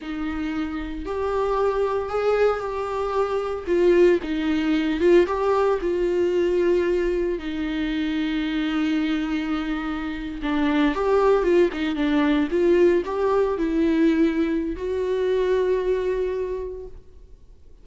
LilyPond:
\new Staff \with { instrumentName = "viola" } { \time 4/4 \tempo 4 = 114 dis'2 g'2 | gis'4 g'2 f'4 | dis'4. f'8 g'4 f'4~ | f'2 dis'2~ |
dis'2.~ dis'8. d'16~ | d'8. g'4 f'8 dis'8 d'4 f'16~ | f'8. g'4 e'2~ e'16 | fis'1 | }